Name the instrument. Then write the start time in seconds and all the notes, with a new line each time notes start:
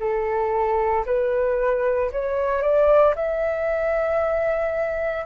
flute
0.00 A4
1.06 B4
2.12 C#5
2.62 D5
3.16 E5